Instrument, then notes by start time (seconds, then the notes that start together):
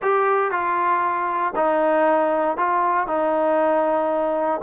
trombone
0.01 G4
0.51 F4
1.55 D#4
2.57 F4
3.07 D#4